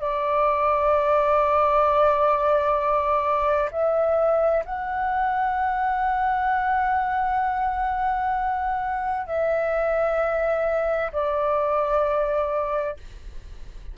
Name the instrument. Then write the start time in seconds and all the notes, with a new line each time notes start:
flute
0.00 D5
3.71 E5
4.64 F#5
9.26 E5
11.12 D5